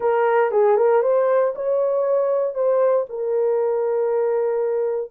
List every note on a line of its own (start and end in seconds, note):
0.00 0.51 A#4
0.51 0.76 G#4
0.76 1.02 A#4
1.02 1.53 C5
1.55 2.54 C#5
2.54 3.05 C5
3.09 5.11 A#4